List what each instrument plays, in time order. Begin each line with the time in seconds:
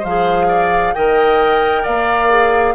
0.00 bassoon F3, oboe C5, flute F5
0.07 clarinet G#4
0.49 oboe D5
0.94 bassoon D#3, clarinet A#4, oboe D#5, flute G5
1.83 bassoon A#3, oboe D5, flute F5
2.30 clarinet G#4